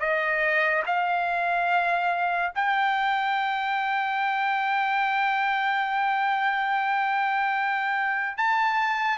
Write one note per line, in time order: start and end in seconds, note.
0.00 0.83 D#5
0.86 2.53 F5
2.56 8.38 G5
8.38 9.19 A5